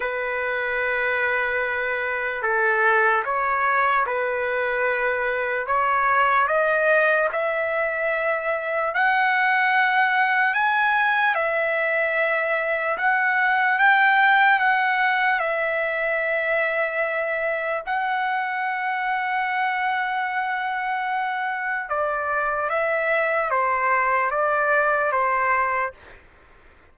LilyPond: \new Staff \with { instrumentName = "trumpet" } { \time 4/4 \tempo 4 = 74 b'2. a'4 | cis''4 b'2 cis''4 | dis''4 e''2 fis''4~ | fis''4 gis''4 e''2 |
fis''4 g''4 fis''4 e''4~ | e''2 fis''2~ | fis''2. d''4 | e''4 c''4 d''4 c''4 | }